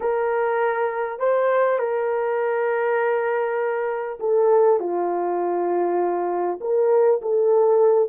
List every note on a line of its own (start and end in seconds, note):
0.00 1.19 A#4
1.19 1.78 C5
1.78 4.18 A#4
4.19 4.79 A4
4.79 6.59 F4
6.60 7.20 A#4
7.21 8.09 A4